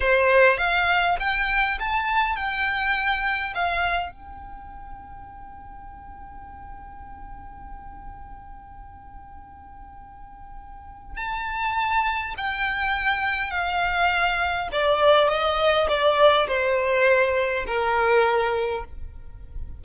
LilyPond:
\new Staff \with { instrumentName = "violin" } { \time 4/4 \tempo 4 = 102 c''4 f''4 g''4 a''4 | g''2 f''4 g''4~ | g''1~ | g''1~ |
g''2. a''4~ | a''4 g''2 f''4~ | f''4 d''4 dis''4 d''4 | c''2 ais'2 | }